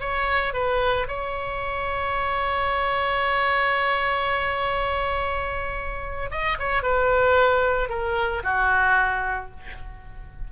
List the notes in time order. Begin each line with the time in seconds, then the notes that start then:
0.00 C#5
0.53 B4
1.08 C#5
6.31 D#5
6.59 C#5
6.83 B4
7.89 A#4
8.43 F#4